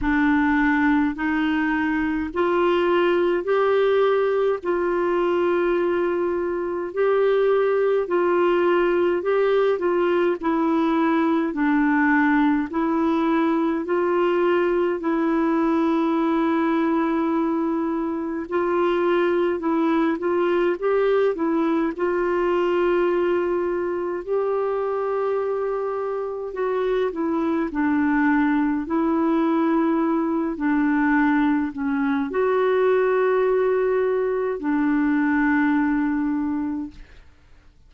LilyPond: \new Staff \with { instrumentName = "clarinet" } { \time 4/4 \tempo 4 = 52 d'4 dis'4 f'4 g'4 | f'2 g'4 f'4 | g'8 f'8 e'4 d'4 e'4 | f'4 e'2. |
f'4 e'8 f'8 g'8 e'8 f'4~ | f'4 g'2 fis'8 e'8 | d'4 e'4. d'4 cis'8 | fis'2 d'2 | }